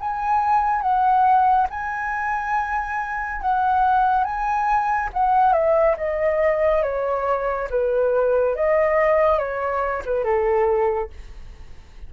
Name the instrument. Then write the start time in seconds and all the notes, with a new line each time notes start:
flute
0.00 G#5
0.81 F#5
1.70 G#5
3.42 F#5
4.24 G#5
5.13 F#5
5.52 E5
5.97 D#5
6.83 C#5
7.70 B4
8.56 D#5
9.38 C#5
10.05 B4
10.24 A4